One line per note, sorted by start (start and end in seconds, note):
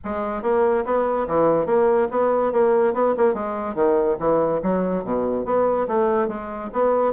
0.04 0.42 G#3
0.42 0.84 A#3
0.85 1.27 B3
1.27 1.66 E3
1.66 2.08 A#3
2.10 2.52 B3
2.52 2.93 A#3
2.93 3.14 B3
3.17 3.34 A#3
3.34 3.74 G#3
3.74 4.16 D#3
4.19 4.61 E3
4.62 5.03 F#3
5.03 5.45 B2
5.45 5.87 B3
5.87 6.28 A3
6.28 6.70 G#3
6.72 7.13 B3